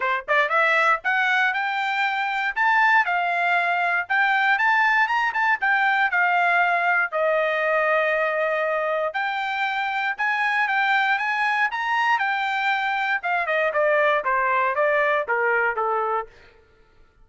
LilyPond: \new Staff \with { instrumentName = "trumpet" } { \time 4/4 \tempo 4 = 118 c''8 d''8 e''4 fis''4 g''4~ | g''4 a''4 f''2 | g''4 a''4 ais''8 a''8 g''4 | f''2 dis''2~ |
dis''2 g''2 | gis''4 g''4 gis''4 ais''4 | g''2 f''8 dis''8 d''4 | c''4 d''4 ais'4 a'4 | }